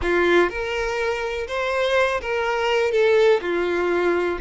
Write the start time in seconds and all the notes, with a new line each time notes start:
0.02 F4
0.49 A#4
1.47 C5
2.21 A#4
2.91 A4
3.41 F4